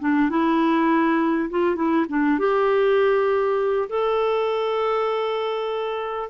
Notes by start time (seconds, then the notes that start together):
0.00 D4
0.30 E4
1.50 F4
1.76 E4
2.09 D4
2.39 G4
3.89 A4